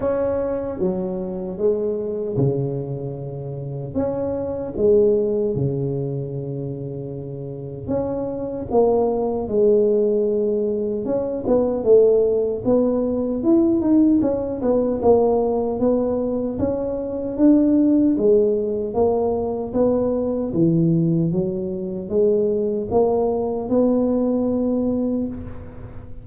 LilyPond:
\new Staff \with { instrumentName = "tuba" } { \time 4/4 \tempo 4 = 76 cis'4 fis4 gis4 cis4~ | cis4 cis'4 gis4 cis4~ | cis2 cis'4 ais4 | gis2 cis'8 b8 a4 |
b4 e'8 dis'8 cis'8 b8 ais4 | b4 cis'4 d'4 gis4 | ais4 b4 e4 fis4 | gis4 ais4 b2 | }